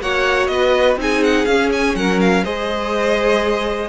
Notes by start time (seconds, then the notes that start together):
0.00 A#3 F#4 C#5 F#5
0.47 B3 B4 D#5
0.96 C4 D#4 G#4 G#5
1.24 F#5
1.45 C#4 F5
1.72 G#5
1.95 F#3 A#4 F#5
2.20 F5
2.43 G#3 G#4 C5 D#5